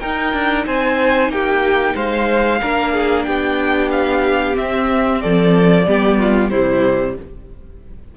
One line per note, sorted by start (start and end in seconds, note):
0.00 2.61 D#4
0.00 0.34 D#4
0.00 0.66 A#4
0.00 0.65 G5
0.34 0.66 D4
0.67 1.29 C4
0.67 1.32 C5
0.67 1.31 G#5
1.29 1.94 A#3
1.29 1.95 G4
1.29 1.96 G5
1.95 2.61 G#3
1.95 2.60 C5
1.95 3.24 F5
2.61 3.27 A#3
2.61 4.54 D4
2.61 2.93 A#4
2.93 3.26 G#4
3.24 4.58 B3
3.24 5.22 G4
3.24 3.89 G5
3.92 4.57 F5
4.54 5.85 C4
4.54 5.24 C4
4.54 5.22 E5
5.22 5.87 F3
5.22 5.87 A4
5.22 6.50 D5
5.87 6.52 G3
5.87 6.52 B3
5.87 6.19 G4
6.19 6.51 F4
6.50 7.17 C3
6.50 7.17 G3
6.50 7.16 E4
6.50 7.15 C5